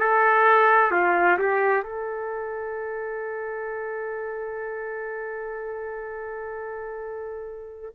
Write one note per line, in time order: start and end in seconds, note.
0.00 0.92 A4
0.92 1.38 F4
1.39 1.84 G4
1.84 7.93 A4